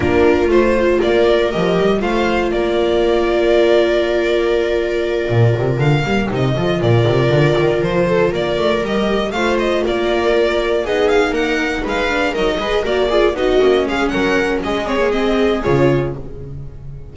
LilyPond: <<
  \new Staff \with { instrumentName = "violin" } { \time 4/4 \tempo 4 = 119 ais'4 c''4 d''4 dis''4 | f''4 d''2.~ | d''2.~ d''8 f''8~ | f''8 dis''4 d''2 c''8~ |
c''8 d''4 dis''4 f''8 dis''8 d''8~ | d''4. dis''8 f''8 fis''4 f''8~ | f''8 dis''4 d''4 dis''4 f''8 | fis''4 dis''8 cis''8 dis''4 cis''4 | }
  \new Staff \with { instrumentName = "viola" } { \time 4/4 f'2 ais'2 | c''4 ais'2.~ | ais'1~ | ais'4 a'8 ais'2~ ais'8 |
a'8 ais'2 c''4 ais'8~ | ais'4. gis'4 ais'4 b'8~ | b'8 ais'8 b'8 ais'8 gis'8 fis'4 gis'8 | ais'4 gis'2. | }
  \new Staff \with { instrumentName = "viola" } { \time 4/4 d'4 f'2 g'4 | f'1~ | f'1 | ais8 dis'8 f'2.~ |
f'4. g'4 f'4.~ | f'4. dis'2~ dis'8 | d'8 dis'8 gis'8 fis'8 f'8 dis'8 cis'4~ | cis'4. c'16 ais16 c'4 f'4 | }
  \new Staff \with { instrumentName = "double bass" } { \time 4/4 ais4 a4 ais4 f8 g8 | a4 ais2.~ | ais2~ ais8 ais,8 c8 d8 | g8 c8 f8 ais,8 c8 d8 dis8 f8~ |
f8 ais8 a8 g4 a4 ais8~ | ais4. b4 ais4 gis8~ | gis8 fis8 gis8 ais4 b8 ais8 gis8 | fis4 gis2 cis4 | }
>>